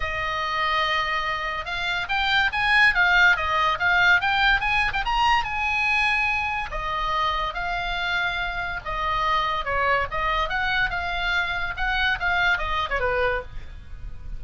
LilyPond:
\new Staff \with { instrumentName = "oboe" } { \time 4/4 \tempo 4 = 143 dis''1 | f''4 g''4 gis''4 f''4 | dis''4 f''4 g''4 gis''8. g''16 | ais''4 gis''2. |
dis''2 f''2~ | f''4 dis''2 cis''4 | dis''4 fis''4 f''2 | fis''4 f''4 dis''8. cis''16 b'4 | }